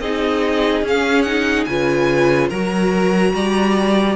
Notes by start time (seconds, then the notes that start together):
0.00 C4 D#4 G#4 D#5
0.83 C#4 F5
1.23 D#4 F#5
1.65 C#3 F4 B4 G#5
2.49 F#3 F#4 A#4 A#5
3.34 G3 D5